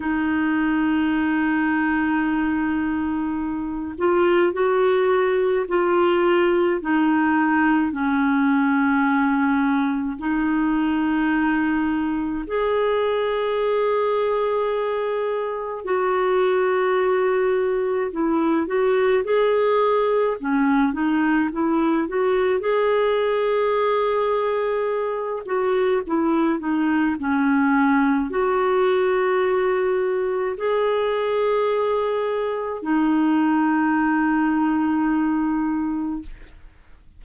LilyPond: \new Staff \with { instrumentName = "clarinet" } { \time 4/4 \tempo 4 = 53 dis'2.~ dis'8 f'8 | fis'4 f'4 dis'4 cis'4~ | cis'4 dis'2 gis'4~ | gis'2 fis'2 |
e'8 fis'8 gis'4 cis'8 dis'8 e'8 fis'8 | gis'2~ gis'8 fis'8 e'8 dis'8 | cis'4 fis'2 gis'4~ | gis'4 dis'2. | }